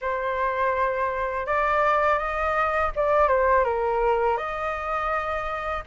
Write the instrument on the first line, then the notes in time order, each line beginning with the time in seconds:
flute
0.01 C5
1.46 D5
2.18 D#5
2.95 D5
3.28 C5
3.64 A#4
4.37 D#5